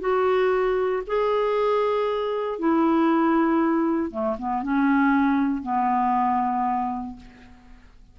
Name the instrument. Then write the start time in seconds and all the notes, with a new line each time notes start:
clarinet
0.00 F#4
1.07 G#4
2.59 E4
4.10 A3
4.39 B3
4.63 C#4
5.62 B3